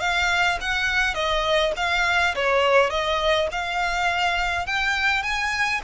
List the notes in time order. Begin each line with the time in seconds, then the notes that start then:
0.00 F5
0.61 F#5
1.14 D#5
1.76 F5
2.35 C#5
2.90 D#5
3.51 F5
4.66 G5
5.22 G#5